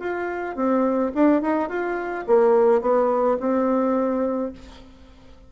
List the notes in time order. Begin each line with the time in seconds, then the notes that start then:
0.00 F4
0.56 C4
1.15 D4
1.42 D#4
1.69 F4
2.27 A#3
2.82 B3
3.40 C4